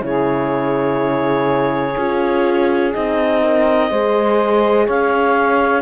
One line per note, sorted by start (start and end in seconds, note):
0.00 1.96 C#3
0.00 1.94 E4
0.00 3.43 G#4
0.00 2.94 C#5
1.98 2.94 C#4
1.98 2.95 F4
2.94 3.91 C4
2.94 3.91 D#4
2.94 4.87 D#5
3.43 3.90 A#4
3.90 4.88 G#3
3.90 5.82 G#4
3.90 4.86 C5
4.86 5.82 C#4
4.86 5.82 C#5
4.86 5.82 F5